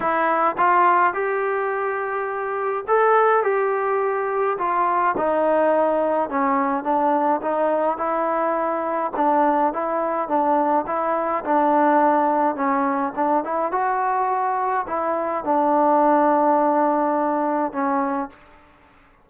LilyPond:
\new Staff \with { instrumentName = "trombone" } { \time 4/4 \tempo 4 = 105 e'4 f'4 g'2~ | g'4 a'4 g'2 | f'4 dis'2 cis'4 | d'4 dis'4 e'2 |
d'4 e'4 d'4 e'4 | d'2 cis'4 d'8 e'8 | fis'2 e'4 d'4~ | d'2. cis'4 | }